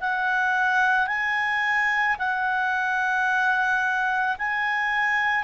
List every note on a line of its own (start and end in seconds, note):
0.00 1.07 F#5
1.07 2.16 G#5
2.18 4.36 F#5
4.38 5.44 G#5